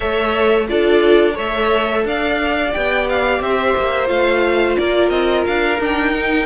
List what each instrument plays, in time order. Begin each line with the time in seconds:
0.00 cello A3, viola A4, violin C#5 E5
0.67 cello D4, viola F4, violin A4 D5
1.32 cello A3, viola A4, violin C#5
1.38 violin E5
2.05 cello D4, violin D5 F5
2.72 cello B3, viola G4, violin G5
3.09 violin F5
3.40 cello C4, violin C5 E5
3.77 cello A#3
4.07 cello A3, viola F4, violin F5
4.76 cello A#3, violin A#4 D5
5.09 cello C4, violin D#5
5.46 cello D4, violin F5
5.79 viola D4, cello D#4, violin G5
6.14 viola D#4